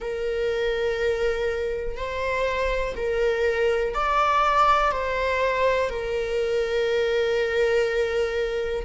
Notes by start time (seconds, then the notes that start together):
0.00 A#4
1.97 C5
2.96 A#4
3.94 D5
4.91 C5
5.89 A#4